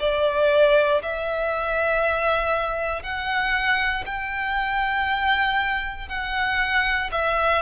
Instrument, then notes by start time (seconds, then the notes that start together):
violin
0.00 D5
1.02 E5
3.02 F#5
4.06 G5
6.08 F#5
7.12 E5